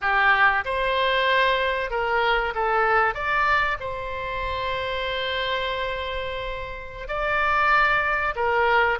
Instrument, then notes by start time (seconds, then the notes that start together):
oboe
0.01 G4
0.65 C5
1.90 A#4
2.54 A4
3.14 D5
3.80 C5
7.08 D5
8.35 A#4